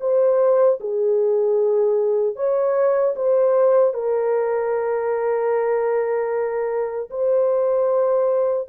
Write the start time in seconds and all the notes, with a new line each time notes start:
0.00 C5
0.80 G#4
2.35 C#5
3.16 C5
3.94 A#4
7.10 C5